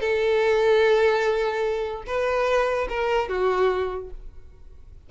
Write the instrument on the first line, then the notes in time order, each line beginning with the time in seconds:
violin
0.00 A4
2.06 B4
2.89 A#4
3.28 F#4